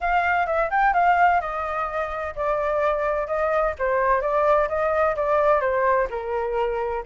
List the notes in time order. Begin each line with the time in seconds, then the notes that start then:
0.01 F5
0.46 E5
0.70 G5
0.93 F5
1.40 D#5
2.35 D5
3.27 D#5
3.78 C5
4.21 D5
4.68 D#5
5.15 D5
5.60 C5
6.09 A#4